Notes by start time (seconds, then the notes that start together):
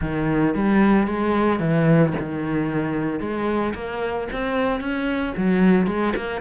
0.01 D#3
0.55 G3
1.07 G#3
1.59 E3
2.19 D#3
3.20 G#3
3.74 A#3
4.32 C4
4.80 C#4
5.36 F#3
5.86 G#3
6.16 A#3